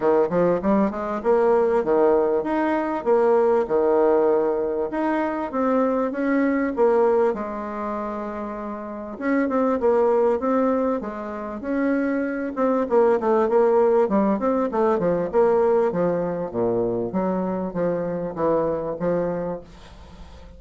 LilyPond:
\new Staff \with { instrumentName = "bassoon" } { \time 4/4 \tempo 4 = 98 dis8 f8 g8 gis8 ais4 dis4 | dis'4 ais4 dis2 | dis'4 c'4 cis'4 ais4 | gis2. cis'8 c'8 |
ais4 c'4 gis4 cis'4~ | cis'8 c'8 ais8 a8 ais4 g8 c'8 | a8 f8 ais4 f4 ais,4 | fis4 f4 e4 f4 | }